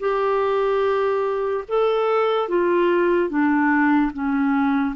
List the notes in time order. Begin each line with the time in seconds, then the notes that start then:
0.00 G4
1.68 A4
2.49 F4
3.30 D4
4.13 C#4